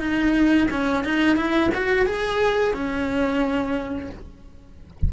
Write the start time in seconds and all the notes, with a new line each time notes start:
0.00 D#4
0.71 C#4
1.05 D#4
1.37 E4
1.75 F#4
2.06 G#4
2.74 C#4